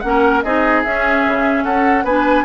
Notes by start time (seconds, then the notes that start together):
0.00 A#3 C#4 F#5
0.07 A#4
0.42 C4 D#4 G#4 D#5
0.83 C#4 E5
1.27 C#3
1.64 C#4 A4 F#5
2.04 B3 D4 B4 G#5